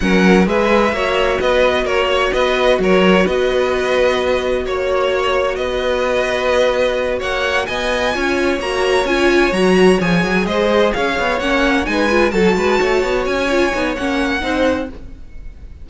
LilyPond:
<<
  \new Staff \with { instrumentName = "violin" } { \time 4/4 \tempo 4 = 129 fis''4 e''2 dis''4 | cis''4 dis''4 cis''4 dis''4~ | dis''2 cis''2 | dis''2.~ dis''8 fis''8~ |
fis''8 gis''2 ais''4 gis''8~ | gis''8 ais''4 gis''4 dis''4 f''8~ | f''8 fis''4 gis''4 a''4.~ | a''8 gis''4. fis''2 | }
  \new Staff \with { instrumentName = "violin" } { \time 4/4 ais'4 b'4 cis''4 b'4 | ais'8 cis''8 b'4 ais'4 b'4~ | b'2 cis''2 | b'2.~ b'8 cis''8~ |
cis''8 dis''4 cis''2~ cis''8~ | cis''2~ cis''8 c''4 cis''8~ | cis''4. b'4 a'8 b'8 cis''8~ | cis''2. c''4 | }
  \new Staff \with { instrumentName = "viola" } { \time 4/4 cis'4 gis'4 fis'2~ | fis'1~ | fis'1~ | fis'1~ |
fis'4. f'4 fis'4 f'8~ | f'8 fis'4 gis'2~ gis'8~ | gis'8 cis'4 dis'8 f'8 fis'4.~ | fis'4 f'8 dis'8 cis'4 dis'4 | }
  \new Staff \with { instrumentName = "cello" } { \time 4/4 fis4 gis4 ais4 b4 | ais4 b4 fis4 b4~ | b2 ais2 | b2.~ b8 ais8~ |
ais8 b4 cis'4 ais4 cis'8~ | cis'8 fis4 f8 fis8 gis4 cis'8 | b8 ais4 gis4 fis8 gis8 a8 | b8 cis'4 b8 ais4 c'4 | }
>>